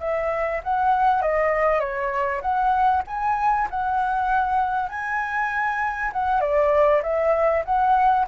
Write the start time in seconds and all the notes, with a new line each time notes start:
0.00 E5
0.64 F#5
1.22 D#5
1.80 C#5
2.42 F#5
3.08 G#5
3.70 F#5
4.90 G#5
6.13 F#5
6.41 D5
7.03 E5
7.66 F#5